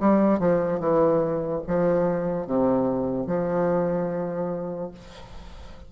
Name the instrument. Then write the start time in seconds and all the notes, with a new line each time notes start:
bassoon
0.00 G3
0.40 F3
0.80 E3
1.67 F3
2.47 C3
3.27 F3